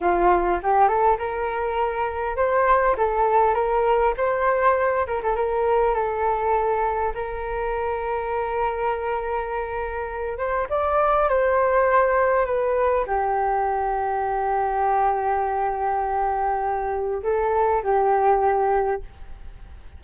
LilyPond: \new Staff \with { instrumentName = "flute" } { \time 4/4 \tempo 4 = 101 f'4 g'8 a'8 ais'2 | c''4 a'4 ais'4 c''4~ | c''8 ais'16 a'16 ais'4 a'2 | ais'1~ |
ais'4. c''8 d''4 c''4~ | c''4 b'4 g'2~ | g'1~ | g'4 a'4 g'2 | }